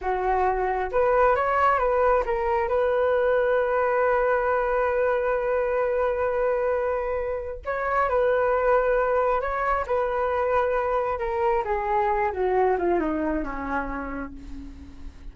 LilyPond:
\new Staff \with { instrumentName = "flute" } { \time 4/4 \tempo 4 = 134 fis'2 b'4 cis''4 | b'4 ais'4 b'2~ | b'1~ | b'1~ |
b'4 cis''4 b'2~ | b'4 cis''4 b'2~ | b'4 ais'4 gis'4. fis'8~ | fis'8 f'8 dis'4 cis'2 | }